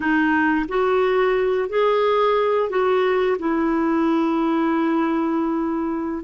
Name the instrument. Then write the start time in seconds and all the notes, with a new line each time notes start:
clarinet
0.00 D#4
0.68 F#4
1.69 G#4
2.69 F#4
3.39 E4